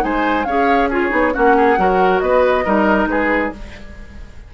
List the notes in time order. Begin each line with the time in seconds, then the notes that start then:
0.00 G#3 D#4 C5 G#5
0.45 C#4 G#4 C#5 F5
0.90 F4 G#4 C#5
1.10 B3 D#4
1.34 A#3 C#4 F#4 F#5
1.57 G#4
1.78 F#3 F#4 A#4
2.20 B3 B4 D#5
2.65 G3 D#4 A#4
3.07 G#3 G#4 B4